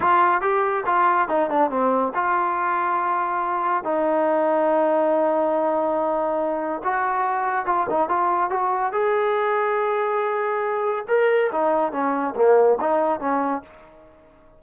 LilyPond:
\new Staff \with { instrumentName = "trombone" } { \time 4/4 \tempo 4 = 141 f'4 g'4 f'4 dis'8 d'8 | c'4 f'2.~ | f'4 dis'2.~ | dis'1 |
fis'2 f'8 dis'8 f'4 | fis'4 gis'2.~ | gis'2 ais'4 dis'4 | cis'4 ais4 dis'4 cis'4 | }